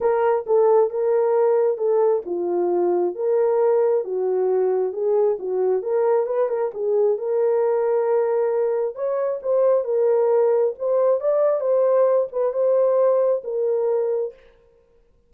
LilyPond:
\new Staff \with { instrumentName = "horn" } { \time 4/4 \tempo 4 = 134 ais'4 a'4 ais'2 | a'4 f'2 ais'4~ | ais'4 fis'2 gis'4 | fis'4 ais'4 b'8 ais'8 gis'4 |
ais'1 | cis''4 c''4 ais'2 | c''4 d''4 c''4. b'8 | c''2 ais'2 | }